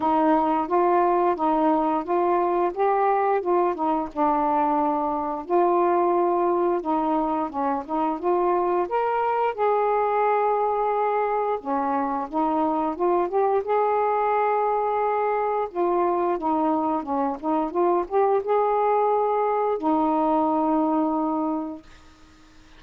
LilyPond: \new Staff \with { instrumentName = "saxophone" } { \time 4/4 \tempo 4 = 88 dis'4 f'4 dis'4 f'4 | g'4 f'8 dis'8 d'2 | f'2 dis'4 cis'8 dis'8 | f'4 ais'4 gis'2~ |
gis'4 cis'4 dis'4 f'8 g'8 | gis'2. f'4 | dis'4 cis'8 dis'8 f'8 g'8 gis'4~ | gis'4 dis'2. | }